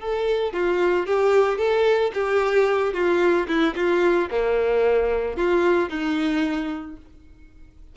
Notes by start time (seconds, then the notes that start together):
0.00 A4
0.53 F4
1.06 G4
1.58 A4
2.14 G4
2.94 F4
3.48 E4
3.76 F4
4.31 A#3
5.37 F4
5.90 D#4